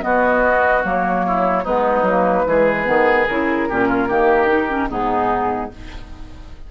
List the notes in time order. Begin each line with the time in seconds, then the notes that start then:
0.00 B3 F#4 D#5
0.83 F#3 A#3 C#5
1.26 E4
1.63 G#3 B3 D#4 B4
2.02 F#3
2.08 A#3
2.46 E3 G#3 G#4
2.85 D#3 B3
3.27 C#3 E4 A#4
3.69 A#2 C#4 G4
3.88 F4
4.08 D#3 A#3 G4
4.47 D#4
4.68 C#4
4.89 G#2 B3 D#4 G#4